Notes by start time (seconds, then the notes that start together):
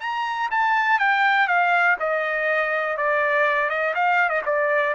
0.00 A#5
0.51 A5
0.99 G5
1.48 F5
1.99 D#5
2.97 D5
3.69 D#5
3.95 F5
4.29 D#5
4.46 D5